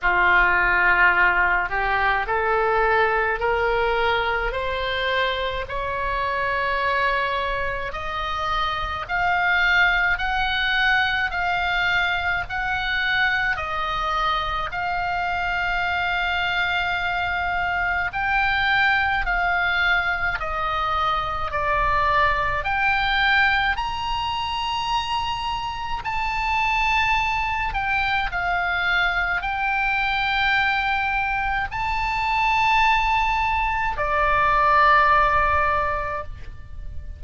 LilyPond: \new Staff \with { instrumentName = "oboe" } { \time 4/4 \tempo 4 = 53 f'4. g'8 a'4 ais'4 | c''4 cis''2 dis''4 | f''4 fis''4 f''4 fis''4 | dis''4 f''2. |
g''4 f''4 dis''4 d''4 | g''4 ais''2 a''4~ | a''8 g''8 f''4 g''2 | a''2 d''2 | }